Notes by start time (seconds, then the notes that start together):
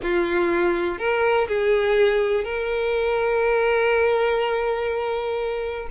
0.02 F4
0.98 A#4
1.48 G#4
2.44 A#4